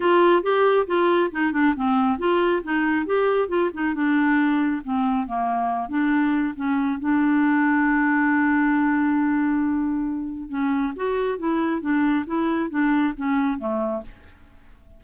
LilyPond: \new Staff \with { instrumentName = "clarinet" } { \time 4/4 \tempo 4 = 137 f'4 g'4 f'4 dis'8 d'8 | c'4 f'4 dis'4 g'4 | f'8 dis'8 d'2 c'4 | ais4. d'4. cis'4 |
d'1~ | d'1 | cis'4 fis'4 e'4 d'4 | e'4 d'4 cis'4 a4 | }